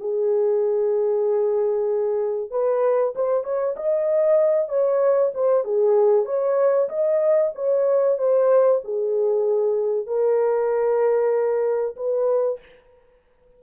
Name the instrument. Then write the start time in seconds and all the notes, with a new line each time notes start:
horn
0.00 G#4
2.51 B4
3.16 C5
3.44 C#5
3.76 D#5
4.69 C#5
5.34 C5
5.64 G#4
6.26 C#5
6.89 D#5
7.55 C#5
8.18 C5
8.84 G#4
10.07 A#4
11.96 B4